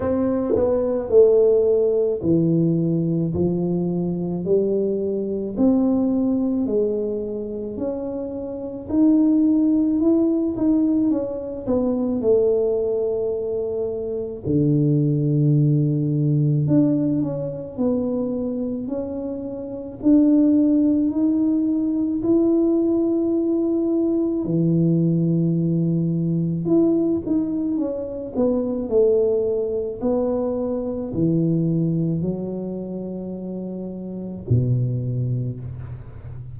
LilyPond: \new Staff \with { instrumentName = "tuba" } { \time 4/4 \tempo 4 = 54 c'8 b8 a4 e4 f4 | g4 c'4 gis4 cis'4 | dis'4 e'8 dis'8 cis'8 b8 a4~ | a4 d2 d'8 cis'8 |
b4 cis'4 d'4 dis'4 | e'2 e2 | e'8 dis'8 cis'8 b8 a4 b4 | e4 fis2 b,4 | }